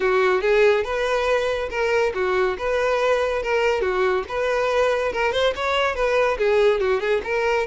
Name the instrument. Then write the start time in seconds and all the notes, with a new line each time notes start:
violin
0.00 F#4
0.41 G#4
0.84 B4
1.70 A#4
2.14 F#4
2.58 B4
3.42 A#4
3.81 F#4
4.28 B4
5.12 A#4
5.32 C5
5.55 C#5
5.95 B4
6.38 G#4
6.80 F#4
7.00 G#4
7.24 A#4